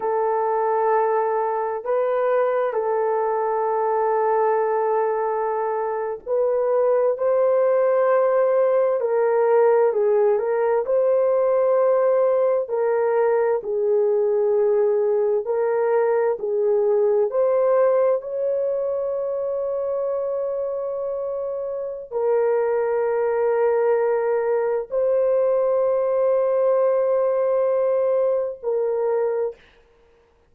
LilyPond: \new Staff \with { instrumentName = "horn" } { \time 4/4 \tempo 4 = 65 a'2 b'4 a'4~ | a'2~ a'8. b'4 c''16~ | c''4.~ c''16 ais'4 gis'8 ais'8 c''16~ | c''4.~ c''16 ais'4 gis'4~ gis'16~ |
gis'8. ais'4 gis'4 c''4 cis''16~ | cis''1 | ais'2. c''4~ | c''2. ais'4 | }